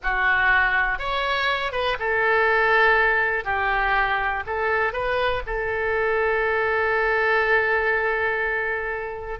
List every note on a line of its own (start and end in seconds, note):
0.02 0.98 F#4
0.98 1.72 C#5
1.72 1.97 B4
1.99 3.44 A4
3.44 4.43 G4
4.46 4.92 A4
4.92 5.42 B4
5.46 9.39 A4